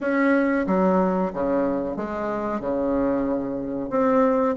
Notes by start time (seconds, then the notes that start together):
0.00 C#4
0.66 F#3
1.33 C#3
1.96 G#3
2.60 C#3
3.90 C4